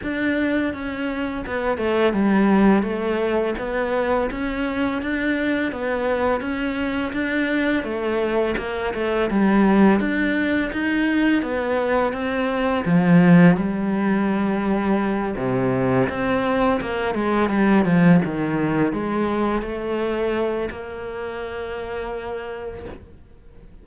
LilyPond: \new Staff \with { instrumentName = "cello" } { \time 4/4 \tempo 4 = 84 d'4 cis'4 b8 a8 g4 | a4 b4 cis'4 d'4 | b4 cis'4 d'4 a4 | ais8 a8 g4 d'4 dis'4 |
b4 c'4 f4 g4~ | g4. c4 c'4 ais8 | gis8 g8 f8 dis4 gis4 a8~ | a4 ais2. | }